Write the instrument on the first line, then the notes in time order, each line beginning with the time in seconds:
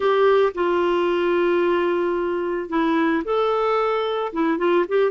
clarinet
0.00 G4
0.54 F4
2.69 E4
3.24 A4
4.32 E4
4.58 F4
4.88 G4